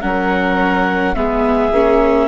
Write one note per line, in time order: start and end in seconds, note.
0.00 1.15 F#3
0.00 1.15 C#4
0.00 1.15 A#4
0.00 1.14 F#5
1.14 1.71 G#3
1.14 1.73 B3
1.14 2.27 G#4
1.14 2.27 E5
1.71 2.27 A#3
1.71 2.27 C#4